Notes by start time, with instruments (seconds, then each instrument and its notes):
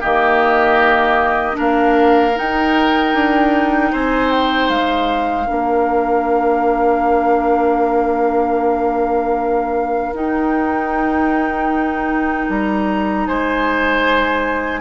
0.00 bassoon D#3, clarinet A#3, oboe G4, flute D#5
1.53 bassoon A#3, clarinet D4, oboe A#4
1.59 flute F5
2.35 clarinet D#4, bassoon D#4, flute G5
3.14 bassoon D4
3.92 bassoon C4, oboe C5, flute G#5
4.31 flute G5
4.69 bassoon G#3, flute F5
5.44 bassoon A#3, clarinet D4, oboe A#4
10.13 bassoon D#4, clarinet D#4, flute G5
12.49 bassoon G3, flute A#5
13.26 bassoon G#3, oboe C5, flute G#5